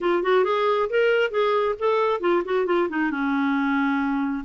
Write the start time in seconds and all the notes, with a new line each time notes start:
0.01 F4
0.22 F#4
0.44 G#4
0.89 A#4
1.31 G#4
1.78 A4
2.20 F4
2.44 F#4
2.66 F4
2.89 D#4
3.10 C#4